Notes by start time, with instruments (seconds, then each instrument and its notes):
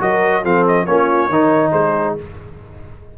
0.00 tuba F#3, trombone F#4, horn A#4, trumpet D#5
0.43 tuba F3, trombone C4, horn A4, trumpet F5
0.67 trumpet D#5
0.86 tuba A#3, trombone C#4, horn F4, trumpet C#5
1.29 tuba D#3, trombone D#4, horn A#4
1.72 tuba G#3, horn G#4, trumpet C5